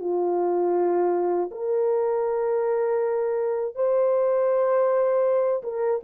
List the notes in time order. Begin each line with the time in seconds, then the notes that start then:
0.00 F4
1.51 A#4
3.75 C5
5.63 A#4